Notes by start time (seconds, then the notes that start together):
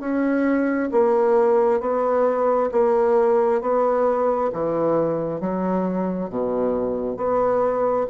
0.00 C#4
0.92 A#3
1.81 B3
2.72 A#3
3.61 B3
4.53 E3
5.40 F#3
6.30 B2
7.17 B3